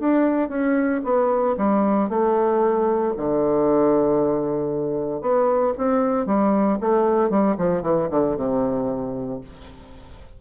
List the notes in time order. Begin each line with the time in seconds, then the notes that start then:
0.00 D4
0.49 C#4
1.04 B3
1.57 G3
2.09 A3
3.17 D3
5.22 B3
5.78 C4
6.26 G3
6.81 A3
7.30 G3
7.58 F3
7.82 E3
8.11 D3
8.37 C3